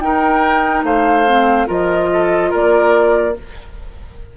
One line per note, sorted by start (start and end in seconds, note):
0.00 0.83 D#4
0.00 1.27 D#4
0.00 0.85 A#4
0.00 0.83 G5
0.83 1.67 A3
0.83 1.67 C5
0.83 1.68 F5
1.27 1.66 C4
1.66 2.52 F3
1.66 3.33 F4
1.66 2.09 A#4
1.66 2.53 D#5
2.13 2.50 A4
2.50 3.37 A#3
2.50 3.34 A#4
2.50 3.37 D5